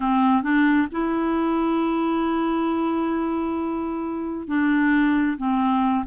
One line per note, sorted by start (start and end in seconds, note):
0.00 0.42 C4
0.42 0.87 D4
0.91 4.47 E4
4.47 5.37 D4
5.37 6.04 C4